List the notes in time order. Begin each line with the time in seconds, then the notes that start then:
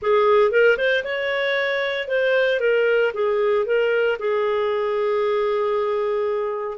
0.02 G#4
0.51 A#4
0.77 C5
1.03 C#5
2.08 C5
2.60 A#4
3.13 G#4
3.65 A#4
4.19 G#4